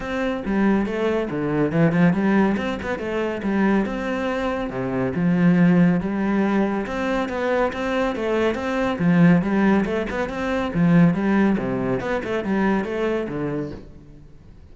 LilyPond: \new Staff \with { instrumentName = "cello" } { \time 4/4 \tempo 4 = 140 c'4 g4 a4 d4 | e8 f8 g4 c'8 b8 a4 | g4 c'2 c4 | f2 g2 |
c'4 b4 c'4 a4 | c'4 f4 g4 a8 b8 | c'4 f4 g4 c4 | b8 a8 g4 a4 d4 | }